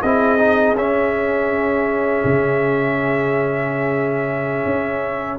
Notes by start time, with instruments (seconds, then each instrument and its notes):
0.00 tuba C4, trombone E4, horn G#4, trumpet D#5
0.39 trombone D#4
0.75 tuba C#4, trombone C#4, trumpet E5
2.24 tuba C#3
4.65 tuba C#4